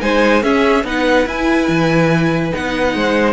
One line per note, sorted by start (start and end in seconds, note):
0.00 0.43 G#3
0.00 0.42 D#4
0.00 0.42 C5
0.00 0.43 G#5
0.42 0.85 C#4
0.42 0.84 C#4
0.42 0.84 G#4
0.42 0.85 E5
0.84 1.26 B3
0.84 1.26 D#4
0.84 2.94 B4
0.84 1.28 F#5
1.26 2.51 E4
1.26 1.68 E4
1.26 2.54 G#5
1.68 2.52 E3
2.51 2.94 B3
2.51 3.33 D#4
2.51 3.33 F#5
2.94 3.33 G#3
2.94 3.33 C5